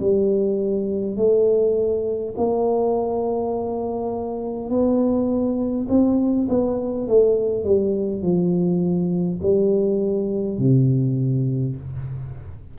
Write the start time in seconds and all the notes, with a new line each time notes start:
0.00 G3
1.17 A3
2.37 A#3
4.70 B3
5.89 C4
6.49 B3
7.07 A3
7.64 G3
8.22 F3
9.42 G3
10.58 C3